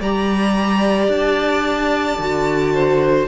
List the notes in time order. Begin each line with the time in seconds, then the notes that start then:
0.00 G3 G4 D5 A#5
1.08 D4 A5
2.18 D3 F#4
2.74 C5